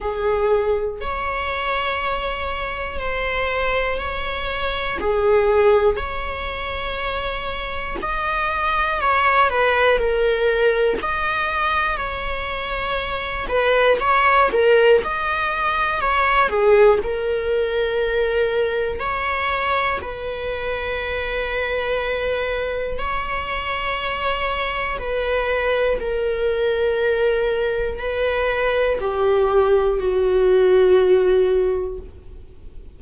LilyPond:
\new Staff \with { instrumentName = "viola" } { \time 4/4 \tempo 4 = 60 gis'4 cis''2 c''4 | cis''4 gis'4 cis''2 | dis''4 cis''8 b'8 ais'4 dis''4 | cis''4. b'8 cis''8 ais'8 dis''4 |
cis''8 gis'8 ais'2 cis''4 | b'2. cis''4~ | cis''4 b'4 ais'2 | b'4 g'4 fis'2 | }